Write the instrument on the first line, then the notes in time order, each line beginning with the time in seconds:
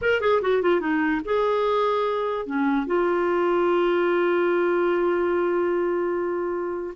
clarinet
0.01 A#4
0.20 G#4
0.41 F#4
0.61 F4
0.80 D#4
1.24 G#4
2.46 C#4
2.86 F4